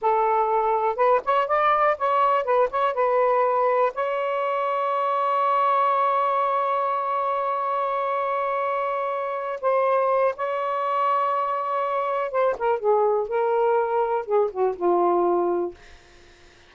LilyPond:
\new Staff \with { instrumentName = "saxophone" } { \time 4/4 \tempo 4 = 122 a'2 b'8 cis''8 d''4 | cis''4 b'8 cis''8 b'2 | cis''1~ | cis''1~ |
cis''2.~ cis''8 c''8~ | c''4 cis''2.~ | cis''4 c''8 ais'8 gis'4 ais'4~ | ais'4 gis'8 fis'8 f'2 | }